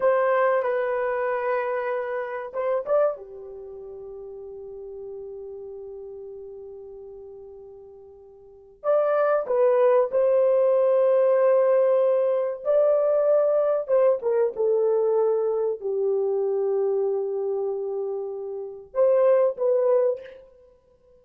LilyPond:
\new Staff \with { instrumentName = "horn" } { \time 4/4 \tempo 4 = 95 c''4 b'2. | c''8 d''8 g'2.~ | g'1~ | g'2 d''4 b'4 |
c''1 | d''2 c''8 ais'8 a'4~ | a'4 g'2.~ | g'2 c''4 b'4 | }